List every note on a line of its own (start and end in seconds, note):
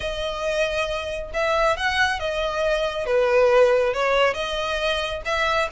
0.00 1.31 D#5
1.33 1.76 E5
1.76 2.19 F#5
2.19 3.06 D#5
3.06 3.93 B4
3.93 4.34 C#5
4.34 5.21 D#5
5.25 5.69 E5